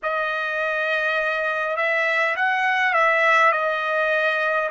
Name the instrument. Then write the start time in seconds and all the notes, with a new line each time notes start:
trumpet
0.03 D#5
1.76 E5
2.36 F#5
2.93 E5
3.52 D#5